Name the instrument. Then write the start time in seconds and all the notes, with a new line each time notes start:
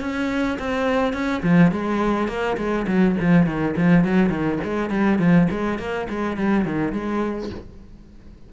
cello
0.00 C#4
0.58 C4
1.13 C#4
1.43 F3
1.71 G#3
2.28 A#3
2.57 G#3
2.87 F#3
3.20 F3
3.46 D#3
3.77 F3
4.04 F#3
4.30 D#3
4.63 G#3
4.90 G3
5.18 F3
5.50 G#3
5.79 A#3
6.09 G#3
6.36 G3
6.65 D#3
6.92 G#3